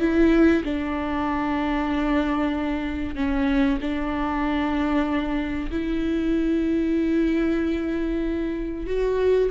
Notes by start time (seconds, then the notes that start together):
0.00 E4
0.64 D4
3.16 C#4
3.81 D4
5.71 E4
8.87 F#4